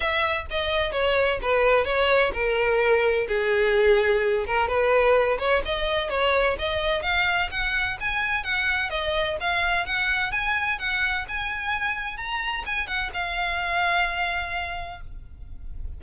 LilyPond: \new Staff \with { instrumentName = "violin" } { \time 4/4 \tempo 4 = 128 e''4 dis''4 cis''4 b'4 | cis''4 ais'2 gis'4~ | gis'4. ais'8 b'4. cis''8 | dis''4 cis''4 dis''4 f''4 |
fis''4 gis''4 fis''4 dis''4 | f''4 fis''4 gis''4 fis''4 | gis''2 ais''4 gis''8 fis''8 | f''1 | }